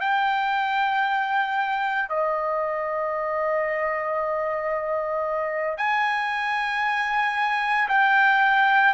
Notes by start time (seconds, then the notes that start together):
0.00 G5
2.09 D#5
5.78 G#5
7.89 G5